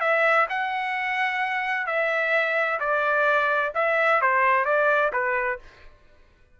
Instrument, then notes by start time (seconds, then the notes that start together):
trumpet
0.00 E5
0.49 F#5
1.86 E5
2.79 D5
3.75 E5
4.21 C5
4.65 D5
5.12 B4